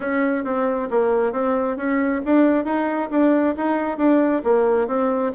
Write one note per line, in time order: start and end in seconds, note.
0.00 0.44 C#4
0.44 0.88 C4
0.90 1.32 A#3
1.32 1.76 C4
1.76 2.21 C#4
2.25 2.64 D4
2.64 3.09 D#4
3.11 3.55 D4
3.56 3.97 D#4
3.97 4.42 D4
4.44 4.87 A#3
4.87 5.32 C4